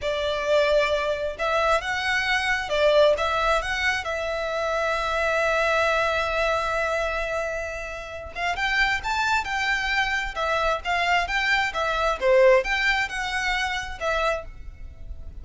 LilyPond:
\new Staff \with { instrumentName = "violin" } { \time 4/4 \tempo 4 = 133 d''2. e''4 | fis''2 d''4 e''4 | fis''4 e''2.~ | e''1~ |
e''2~ e''8 f''8 g''4 | a''4 g''2 e''4 | f''4 g''4 e''4 c''4 | g''4 fis''2 e''4 | }